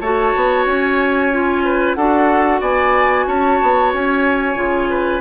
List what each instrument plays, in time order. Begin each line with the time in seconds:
0.00 bassoon A3, clarinet F#4, oboe C#5, flute A5
0.36 bassoon B3
0.66 bassoon C#4, flute G#5
1.32 clarinet F4
1.64 oboe B4
1.94 bassoon D4, clarinet F#4, oboe A4, flute F#5
2.61 bassoon B3, oboe D5, flute G#5
3.27 bassoon C#4, oboe C#5, flute A5
3.62 bassoon B3
3.94 bassoon C#4, flute G#5
4.56 bassoon C#3, clarinet F4
4.90 oboe B4